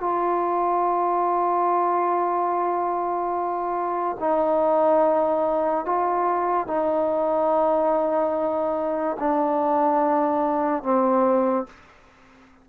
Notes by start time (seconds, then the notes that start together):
0.00 F4
4.19 D#4
5.85 F4
6.67 D#4
9.19 D4
10.83 C4